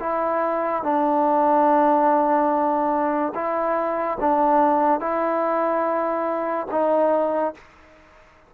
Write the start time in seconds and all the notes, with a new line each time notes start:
0.00 E4
0.83 D4
3.35 E4
4.20 D4
5.00 E4
6.71 D#4